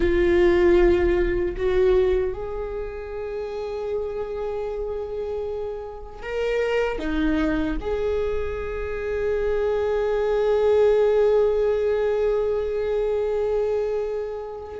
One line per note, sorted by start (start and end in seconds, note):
0.00 1.55 F4
1.57 2.33 F#4
2.33 6.22 G#4
6.22 6.98 A#4
6.98 7.76 D#4
7.80 14.79 G#4